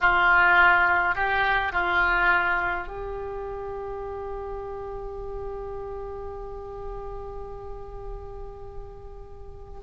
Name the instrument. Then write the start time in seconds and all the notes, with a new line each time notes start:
oboe
0.00 F4
1.15 G4
1.72 F4
2.87 G4